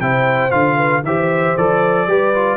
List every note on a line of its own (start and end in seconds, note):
0.00 0.52 C3
0.00 0.50 E4
0.00 0.76 C5
0.00 0.51 G5
0.50 1.03 D3
0.50 1.02 F4
0.50 1.02 F5
0.76 1.02 B4
1.03 1.55 E3
1.03 1.57 G4
1.03 2.08 C5
1.03 1.56 E5
1.56 2.07 F3
1.56 2.08 A4
1.56 2.57 D5
2.07 2.57 G3
2.07 2.34 G4
2.07 2.57 B4
2.34 2.57 F4